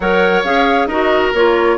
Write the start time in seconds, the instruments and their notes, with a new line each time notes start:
0.00 bassoon F#3, clarinet A#4, oboe C#5, flute F#5
0.43 bassoon C#4, clarinet G#4, flute F5
0.86 bassoon D#4, clarinet F#4, oboe A#4, flute D#5
1.34 bassoon A#3, clarinet F4, flute C#5